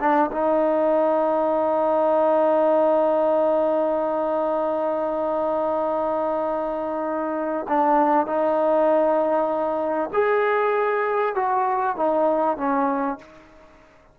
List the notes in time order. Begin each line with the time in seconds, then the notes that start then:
0.00 D4
0.32 D#4
7.69 D4
8.27 D#4
10.14 G#4
11.36 F#4
11.97 D#4
12.58 C#4